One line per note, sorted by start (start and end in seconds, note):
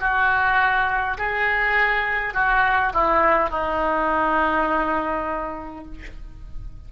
0.00 1.18 F#4
1.18 2.34 G#4
2.34 2.93 F#4
2.94 3.50 E4
3.50 5.85 D#4